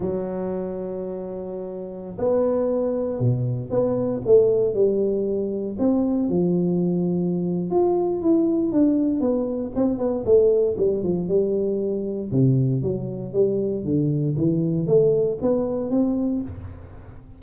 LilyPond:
\new Staff \with { instrumentName = "tuba" } { \time 4/4 \tempo 4 = 117 fis1~ | fis16 b2 b,4 b8.~ | b16 a4 g2 c'8.~ | c'16 f2~ f8. f'4 |
e'4 d'4 b4 c'8 b8 | a4 g8 f8 g2 | c4 fis4 g4 d4 | e4 a4 b4 c'4 | }